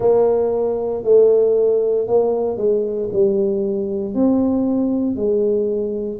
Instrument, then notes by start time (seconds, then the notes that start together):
tuba
0.00 A#3
1.03 A3
2.07 A#3
2.57 G#3
3.13 G3
4.14 C4
5.15 G#3